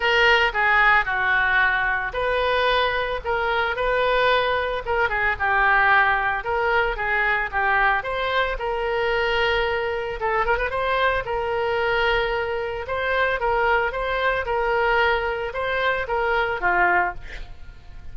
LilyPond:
\new Staff \with { instrumentName = "oboe" } { \time 4/4 \tempo 4 = 112 ais'4 gis'4 fis'2 | b'2 ais'4 b'4~ | b'4 ais'8 gis'8 g'2 | ais'4 gis'4 g'4 c''4 |
ais'2. a'8 ais'16 b'16 | c''4 ais'2. | c''4 ais'4 c''4 ais'4~ | ais'4 c''4 ais'4 f'4 | }